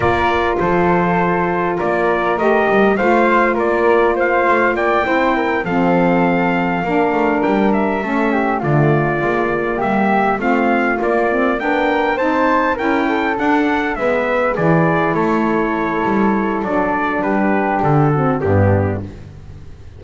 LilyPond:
<<
  \new Staff \with { instrumentName = "trumpet" } { \time 4/4 \tempo 4 = 101 d''4 c''2 d''4 | dis''4 f''4 d''4 f''4 | g''4. f''2~ f''8~ | f''8 g''8 e''4. d''4.~ |
d''8 e''4 f''4 d''4 g''8~ | g''8 a''4 g''4 fis''4 e''8~ | e''8 d''4 cis''2~ cis''8 | d''4 b'4 a'4 g'4 | }
  \new Staff \with { instrumentName = "flute" } { \time 4/4 ais'4 a'2 ais'4~ | ais'4 c''4 ais'4 c''4 | d''8 c''8 ais'8 a'2 ais'8~ | ais'4. a'8 g'8 f'4.~ |
f'8 g'4 f'2 ais'8~ | ais'8 c''4 ais'8 a'4. b'8~ | b'8 gis'4 a'2~ a'8~ | a'4 g'4. fis'8 d'4 | }
  \new Staff \with { instrumentName = "saxophone" } { \time 4/4 f'1 | g'4 f'2.~ | f'8 e'4 c'2 d'8~ | d'4. cis'4 a4 ais8~ |
ais4. c'4 ais8 c'8 d'8~ | d'8 dis'4 e'4 d'4 b8~ | b8 e'2.~ e'8 | d'2~ d'8 c'8 b4 | }
  \new Staff \with { instrumentName = "double bass" } { \time 4/4 ais4 f2 ais4 | a8 g8 a4 ais4. a8 | ais8 c'4 f2 ais8 | a8 g4 a4 d4 gis8~ |
gis8 g4 a4 ais4 b8~ | b8 c'4 cis'4 d'4 gis8~ | gis8 e4 a4. g4 | fis4 g4 d4 g,4 | }
>>